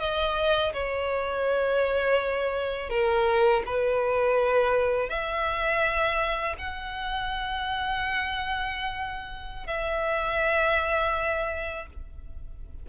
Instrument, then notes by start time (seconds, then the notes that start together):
violin
0.00 D#5
0.74 C#5
2.90 A#4
3.67 B4
5.10 E5
6.59 F#5
9.67 E5